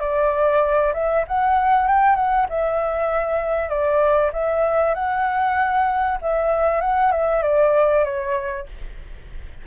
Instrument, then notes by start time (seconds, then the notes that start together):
flute
0.00 D5
0.94 E5
1.28 F#5
1.88 G5
2.16 F#5
2.49 E5
3.69 D5
4.33 E5
4.95 F#5
6.22 E5
6.81 F#5
7.12 E5
7.42 D5
8.04 C#5